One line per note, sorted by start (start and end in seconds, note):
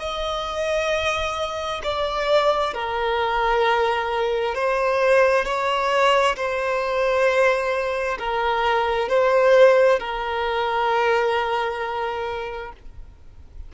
0.00 1.82 D#5
1.83 2.74 D5
2.74 4.55 A#4
4.55 5.45 C5
5.45 6.36 C#5
6.36 8.18 C5
8.19 9.09 A#4
9.09 10.00 C5
10.00 12.72 A#4